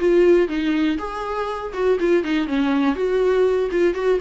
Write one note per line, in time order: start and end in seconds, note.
0.00 0.48 F4
0.48 0.98 D#4
0.98 1.73 G#4
1.74 1.99 F#4
2.00 2.24 F4
2.24 2.47 D#4
2.47 2.96 C#4
2.96 3.70 F#4
3.71 3.95 F4
3.95 4.19 F#4